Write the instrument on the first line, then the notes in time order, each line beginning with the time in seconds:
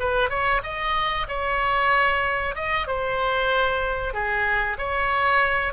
oboe
0.00 B4
0.30 C#5
0.64 D#5
1.29 C#5
2.56 D#5
2.88 C5
4.14 G#4
4.78 C#5